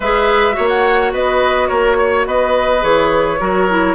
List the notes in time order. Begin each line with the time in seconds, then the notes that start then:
0.00 G#3 G#4 B4 E5
0.52 F#4 C#5
0.58 A#3
0.68 F#5
1.12 B3 B4 D#5
1.68 A#3 A#4 C#5
1.99 C#5
2.26 B3 B4 D#5
2.81 E3 G#4 C#5
3.39 F#3 F#4 A#4
3.68 E4